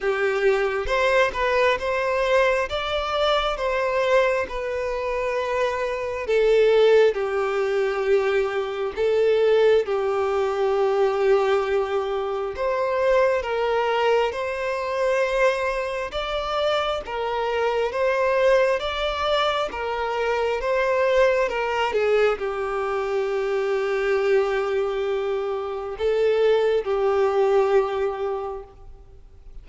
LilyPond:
\new Staff \with { instrumentName = "violin" } { \time 4/4 \tempo 4 = 67 g'4 c''8 b'8 c''4 d''4 | c''4 b'2 a'4 | g'2 a'4 g'4~ | g'2 c''4 ais'4 |
c''2 d''4 ais'4 | c''4 d''4 ais'4 c''4 | ais'8 gis'8 g'2.~ | g'4 a'4 g'2 | }